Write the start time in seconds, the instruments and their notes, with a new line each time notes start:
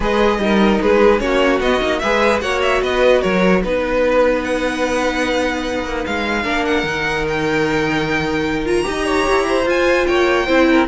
0.00 cello G#3, viola G#4, violin B4 D#5
0.38 cello G3, viola D#4, violin A#4
0.81 cello G#3, violin G#4 B4
1.19 cello A#3, viola C#4, violin F#4 C#5
1.60 cello B3, viola B3, violin D#5
1.80 cello A#3, viola D#4
1.99 cello G#3, viola G#4, violin B4 E5
2.40 cello A#3, viola F#4, violin C#5 F#5
2.62 violin E5
2.81 cello B3, violin B4 D#5
3.21 cello F#3, violin A#4 C#5
3.63 cello B3, viola D#4, violin B4
4.44 violin F#5
5.84 cello A#3
6.05 cello G#3, violin F5
6.43 cello A#3, viola D4, violin A#4
6.65 violin F#5
6.83 cello D#3, viola D#4
7.28 violin G5
8.65 viola F4, violin A#5
8.83 cello D#4, viola G4, violin D#5
9.05 violin C#5
9.29 cello E4
9.48 violin C5
9.66 cello F4, viola F4, violin G#5
10.06 cello A#3, violin C#5 G5
10.46 cello C4, viola E4, violin C5
10.70 violin A#4